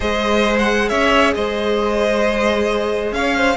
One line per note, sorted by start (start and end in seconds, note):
0.00 0.90 G#3
0.00 3.57 G#4
0.00 0.89 C5
0.00 0.57 D#5
0.59 0.89 F#5
0.89 1.35 C#4
0.89 1.34 C#5
0.89 1.33 E5
1.34 3.11 G#3
1.34 3.15 C5
1.34 3.13 D#5
3.11 3.56 C#4
3.11 3.36 C#5
3.11 3.57 F5
3.36 3.57 C5